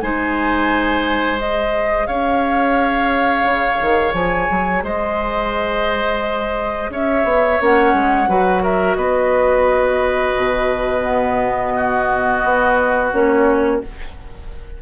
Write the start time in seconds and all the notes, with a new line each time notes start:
0.00 G#3 D#4 C5 G#5
1.37 G#4 D#5
2.06 C#4 C#5 F5
3.44 C#3
3.81 D#3
4.13 F3 G#5
4.50 F#3
4.83 G#3 C5 D#5
6.89 C#4 C#5 E5
7.24 B3
7.61 A#3 C#4 F#5
7.93 G#3
8.28 F#3 F#4 B4
8.62 A#4 E5
8.95 B3 B4 D#5
10.36 B2
11.02 B3
11.75 F#4
12.43 B3
13.12 A#3 C#4 C#5